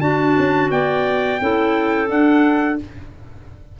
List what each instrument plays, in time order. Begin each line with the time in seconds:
0.00 tuba D4, clarinet D4 F#4, trumpet A5
0.38 tuba C#4
0.70 tuba B3, clarinet D5, trumpet G5
1.40 tuba C#4, clarinet E4 A4
2.06 clarinet D4, tuba D4, trumpet F#5